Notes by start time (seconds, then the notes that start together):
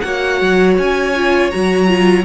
0.00 A#3 F#4 C#5 F#5
0.42 F#3
0.78 C#4 G#5
1.16 F4
1.51 F#3 F#4 A#5
1.88 F4